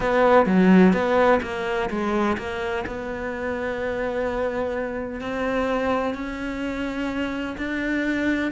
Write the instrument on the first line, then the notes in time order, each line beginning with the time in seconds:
cello
0.00 B3
0.46 F#3
0.93 B3
1.42 A#3
1.89 G#3
2.37 A#3
2.86 B3
5.21 C4
6.14 C#4
7.57 D4